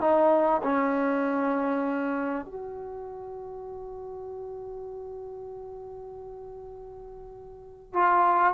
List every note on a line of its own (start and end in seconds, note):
0.00 0.61 D#4
0.62 2.45 C#4
2.45 7.93 F#4
7.93 8.53 F4